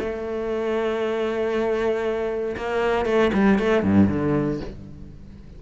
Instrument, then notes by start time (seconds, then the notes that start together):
cello
0.00 A3
2.57 A#3
3.06 A3
3.34 G3
3.59 A3
3.83 G2
4.10 D3